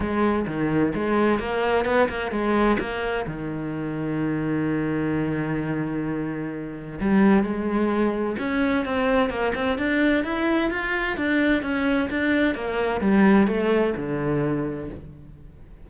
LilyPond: \new Staff \with { instrumentName = "cello" } { \time 4/4 \tempo 4 = 129 gis4 dis4 gis4 ais4 | b8 ais8 gis4 ais4 dis4~ | dis1~ | dis2. g4 |
gis2 cis'4 c'4 | ais8 c'8 d'4 e'4 f'4 | d'4 cis'4 d'4 ais4 | g4 a4 d2 | }